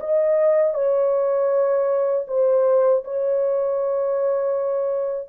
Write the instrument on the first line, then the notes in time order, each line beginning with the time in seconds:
horn
0.00 D#5
0.74 C#5
2.28 C5
3.04 C#5